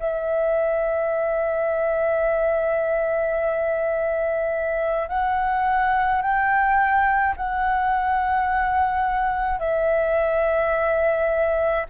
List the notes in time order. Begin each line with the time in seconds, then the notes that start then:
0.00 E5
5.09 F#5
6.22 G5
7.37 F#5
9.60 E5